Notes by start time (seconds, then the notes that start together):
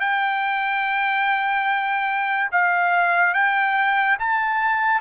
0.00 G5
2.52 F5
3.34 G5
4.19 A5